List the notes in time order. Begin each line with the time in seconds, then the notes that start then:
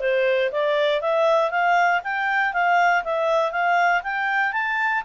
0.00 C5
0.51 D5
1.01 E5
1.51 F5
2.04 G5
2.53 F5
3.04 E5
3.52 F5
4.03 G5
4.52 A5